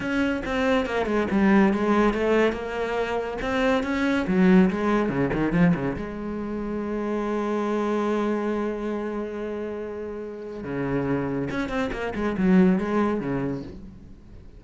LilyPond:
\new Staff \with { instrumentName = "cello" } { \time 4/4 \tempo 4 = 141 cis'4 c'4 ais8 gis8 g4 | gis4 a4 ais2 | c'4 cis'4 fis4 gis4 | cis8 dis8 f8 cis8 gis2~ |
gis1~ | gis1~ | gis4 cis2 cis'8 c'8 | ais8 gis8 fis4 gis4 cis4 | }